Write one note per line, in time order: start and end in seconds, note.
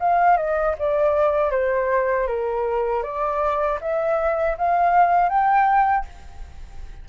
0.00 0.37 F5
0.37 0.75 D#5
0.79 1.51 D5
1.51 2.27 C5
2.27 3.03 A#4
3.03 3.79 D5
3.81 4.57 E5
4.58 5.29 F5
5.29 6.05 G5